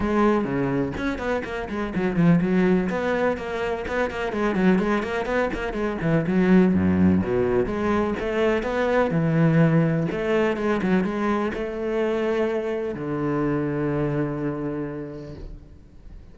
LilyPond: \new Staff \with { instrumentName = "cello" } { \time 4/4 \tempo 4 = 125 gis4 cis4 cis'8 b8 ais8 gis8 | fis8 f8 fis4 b4 ais4 | b8 ais8 gis8 fis8 gis8 ais8 b8 ais8 | gis8 e8 fis4 fis,4 b,4 |
gis4 a4 b4 e4~ | e4 a4 gis8 fis8 gis4 | a2. d4~ | d1 | }